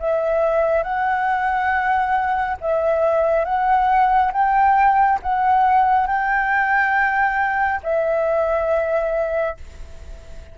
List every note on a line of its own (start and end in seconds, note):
0.00 0.83 E5
0.83 2.57 F#5
2.61 3.45 E5
3.45 4.32 F#5
4.33 5.20 G5
5.23 6.07 F#5
6.07 7.81 G5
7.84 9.58 E5